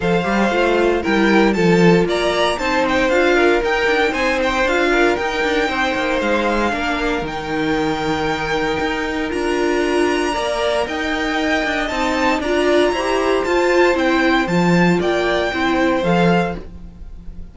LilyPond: <<
  \new Staff \with { instrumentName = "violin" } { \time 4/4 \tempo 4 = 116 f''2 g''4 a''4 | ais''4 a''8 g''8 f''4 g''4 | gis''8 g''8 f''4 g''2 | f''2 g''2~ |
g''2 ais''2~ | ais''4 g''2 a''4 | ais''2 a''4 g''4 | a''4 g''2 f''4 | }
  \new Staff \with { instrumentName = "violin" } { \time 4/4 c''2 ais'4 a'4 | d''4 c''4. ais'4. | c''4. ais'4. c''4~ | c''4 ais'2.~ |
ais'1 | d''4 dis''2. | d''4 c''2.~ | c''4 d''4 c''2 | }
  \new Staff \with { instrumentName = "viola" } { \time 4/4 a'8 g'8 f'4 e'4 f'4~ | f'4 dis'4 f'4 dis'4~ | dis'4 f'4 dis'2~ | dis'4 d'4 dis'2~ |
dis'2 f'2 | ais'2. dis'4 | f'4 g'4 f'4 e'4 | f'2 e'4 a'4 | }
  \new Staff \with { instrumentName = "cello" } { \time 4/4 f8 g8 a4 g4 f4 | ais4 c'4 d'4 dis'8 d'8 | c'4 d'4 dis'8 d'8 c'8 ais8 | gis4 ais4 dis2~ |
dis4 dis'4 d'2 | ais4 dis'4. d'8 c'4 | d'4 e'4 f'4 c'4 | f4 ais4 c'4 f4 | }
>>